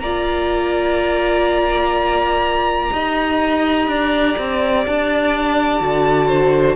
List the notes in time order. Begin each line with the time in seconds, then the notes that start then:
0.00 A#3 F4 D5 A#5
2.92 D#4 G4 D#5
3.87 D4 D5
4.38 C4
4.86 D4 A5
5.80 D3 F#4
6.27 C5